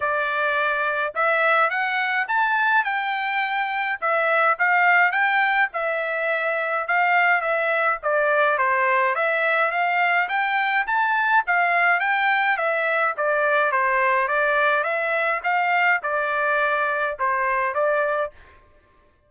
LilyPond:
\new Staff \with { instrumentName = "trumpet" } { \time 4/4 \tempo 4 = 105 d''2 e''4 fis''4 | a''4 g''2 e''4 | f''4 g''4 e''2 | f''4 e''4 d''4 c''4 |
e''4 f''4 g''4 a''4 | f''4 g''4 e''4 d''4 | c''4 d''4 e''4 f''4 | d''2 c''4 d''4 | }